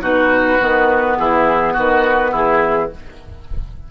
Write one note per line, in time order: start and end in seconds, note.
0.00 0.58 B2
0.00 0.59 D#4
0.00 1.17 F#4
0.00 1.16 B4
0.60 1.18 D#3
0.60 2.91 B3
1.16 1.76 E3
1.16 1.73 E4
1.16 1.74 G#4
1.73 2.33 D#3
1.73 2.31 F#4
1.73 2.33 B4
2.31 2.91 E3
2.31 2.89 E4
2.31 2.91 G#4